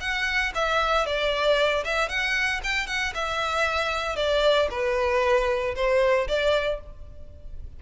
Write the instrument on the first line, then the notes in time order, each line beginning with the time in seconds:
violin
0.00 F#5
0.55 E5
1.06 D5
1.84 E5
2.08 F#5
2.63 G5
2.87 F#5
3.14 E5
4.16 D5
4.70 B4
5.75 C5
6.28 D5